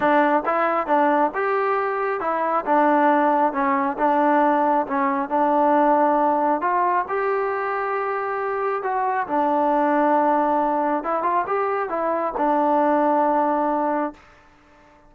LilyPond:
\new Staff \with { instrumentName = "trombone" } { \time 4/4 \tempo 4 = 136 d'4 e'4 d'4 g'4~ | g'4 e'4 d'2 | cis'4 d'2 cis'4 | d'2. f'4 |
g'1 | fis'4 d'2.~ | d'4 e'8 f'8 g'4 e'4 | d'1 | }